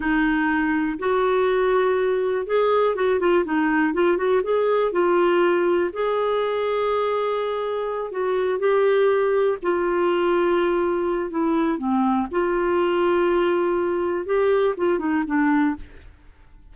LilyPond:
\new Staff \with { instrumentName = "clarinet" } { \time 4/4 \tempo 4 = 122 dis'2 fis'2~ | fis'4 gis'4 fis'8 f'8 dis'4 | f'8 fis'8 gis'4 f'2 | gis'1~ |
gis'8 fis'4 g'2 f'8~ | f'2. e'4 | c'4 f'2.~ | f'4 g'4 f'8 dis'8 d'4 | }